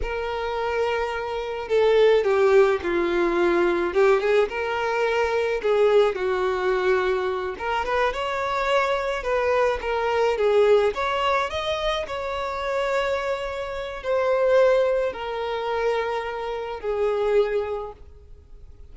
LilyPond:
\new Staff \with { instrumentName = "violin" } { \time 4/4 \tempo 4 = 107 ais'2. a'4 | g'4 f'2 g'8 gis'8 | ais'2 gis'4 fis'4~ | fis'4. ais'8 b'8 cis''4.~ |
cis''8 b'4 ais'4 gis'4 cis''8~ | cis''8 dis''4 cis''2~ cis''8~ | cis''4 c''2 ais'4~ | ais'2 gis'2 | }